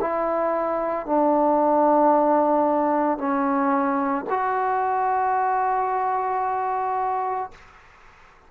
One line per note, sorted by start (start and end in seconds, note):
0.00 1.06 E4
1.06 3.18 D4
3.18 4.25 C#4
4.30 7.51 F#4